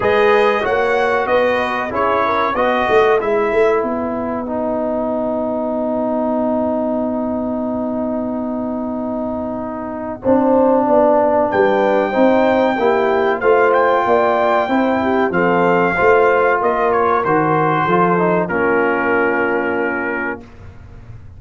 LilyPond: <<
  \new Staff \with { instrumentName = "trumpet" } { \time 4/4 \tempo 4 = 94 dis''4 fis''4 dis''4 cis''4 | dis''4 e''4 fis''2~ | fis''1~ | fis''1~ |
fis''2 g''2~ | g''4 f''8 g''2~ g''8 | f''2 dis''8 cis''8 c''4~ | c''4 ais'2. | }
  \new Staff \with { instrumentName = "horn" } { \time 4/4 b'4 cis''4 b'4 gis'8 ais'8 | b'1~ | b'1~ | b'1 |
c''4 d''4 b'4 c''4 | g'4 c''4 d''4 c''8 g'8 | a'4 c''4 ais'2 | a'4 f'2. | }
  \new Staff \with { instrumentName = "trombone" } { \time 4/4 gis'4 fis'2 e'4 | fis'4 e'2 dis'4~ | dis'1~ | dis'1 |
d'2. dis'4 | e'4 f'2 e'4 | c'4 f'2 fis'4 | f'8 dis'8 cis'2. | }
  \new Staff \with { instrumentName = "tuba" } { \time 4/4 gis4 ais4 b4 cis'4 | b8 a8 gis8 a8 b2~ | b1~ | b1 |
c'4 b4 g4 c'4 | ais4 a4 ais4 c'4 | f4 a4 ais4 dis4 | f4 ais2. | }
>>